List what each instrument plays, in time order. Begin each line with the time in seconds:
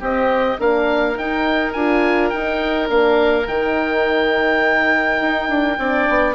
0.00 horn C4, bassoon C4, oboe G4 D#5
0.59 bassoon A#3, horn D4, oboe A#4 F5
1.16 horn D#4, bassoon D#4, oboe G5
1.73 bassoon D4, horn F4, oboe G#5
2.30 bassoon D#4, horn D#4, oboe G5
2.88 bassoon A#3, horn D4, oboe F5
3.47 bassoon D#3, horn D#4, oboe G5
5.21 bassoon D#4
5.49 bassoon D4
5.78 bassoon C4, horn D4, oboe D5
6.09 bassoon B3